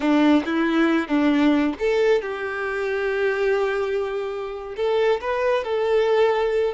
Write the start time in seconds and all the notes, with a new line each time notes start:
0.00 D4
0.45 E4
1.07 D4
1.79 A4
2.21 G4
4.76 A4
5.21 B4
5.64 A4